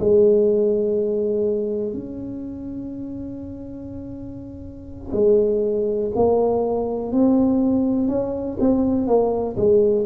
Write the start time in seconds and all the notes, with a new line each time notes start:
0.00 G#3
1.94 C#4
5.13 G#3
6.15 A#3
7.12 C4
8.08 C#4
8.60 C4
9.07 A#3
9.56 G#3